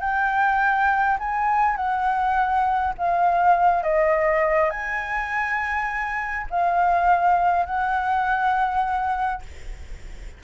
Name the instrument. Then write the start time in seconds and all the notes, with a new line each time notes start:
flute
0.00 G5
1.19 G#5
1.76 F#5
2.97 F5
3.83 D#5
4.70 G#5
6.50 F5
7.65 F#5